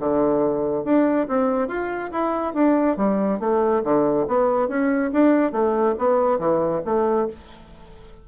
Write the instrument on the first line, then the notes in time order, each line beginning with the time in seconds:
bassoon
0.00 D3
0.85 D4
1.28 C4
1.69 F4
2.12 E4
2.54 D4
2.97 G3
3.40 A3
3.85 D3
4.28 B3
4.69 C#4
5.13 D4
5.53 A3
5.99 B3
6.39 E3
6.86 A3